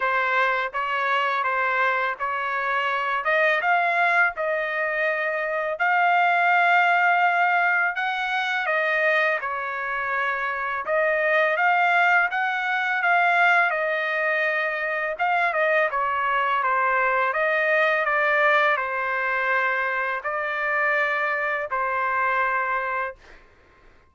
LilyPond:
\new Staff \with { instrumentName = "trumpet" } { \time 4/4 \tempo 4 = 83 c''4 cis''4 c''4 cis''4~ | cis''8 dis''8 f''4 dis''2 | f''2. fis''4 | dis''4 cis''2 dis''4 |
f''4 fis''4 f''4 dis''4~ | dis''4 f''8 dis''8 cis''4 c''4 | dis''4 d''4 c''2 | d''2 c''2 | }